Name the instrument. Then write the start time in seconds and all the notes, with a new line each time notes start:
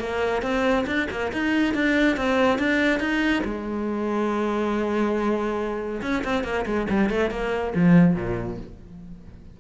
cello
0.00 A#3
0.43 C4
0.87 D4
1.11 A#3
1.33 D#4
1.75 D4
2.17 C4
2.59 D4
3.00 D#4
3.45 G#3
6.02 C#4
6.25 C4
6.44 A#3
6.66 G#3
6.90 G3
7.10 A3
7.31 A#3
7.76 F3
8.15 A#2